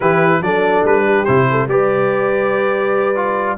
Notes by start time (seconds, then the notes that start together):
0.00 E3 E4 G4 B4
0.41 F#3 D4 A4 D5
0.84 G3 B4
1.04 G4
1.24 C3 E4 C5
1.50 A4
1.67 G3 G4 B4 D5
3.15 F4